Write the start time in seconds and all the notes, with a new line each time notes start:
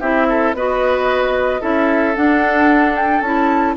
0.00 C4 E4 G4 E5
0.29 A4
0.53 B3 F#4 B4 D#5
1.60 C#4 E4 A4 E5
2.15 D4 F#5
2.96 G5
3.21 C#4 E4 A5